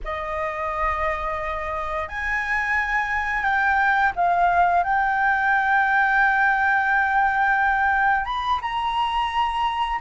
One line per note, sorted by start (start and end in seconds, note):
0.04 2.08 D#5
2.08 3.43 G#5
3.43 4.12 G5
4.15 4.83 F5
4.83 8.25 G5
8.25 8.59 B5
8.61 9.99 A#5